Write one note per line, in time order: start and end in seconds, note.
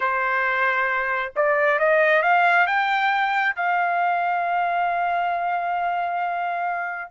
0.00 1.32 C5
1.36 1.79 D5
1.79 2.22 D#5
2.22 2.66 F5
2.67 3.55 G5
3.55 7.11 F5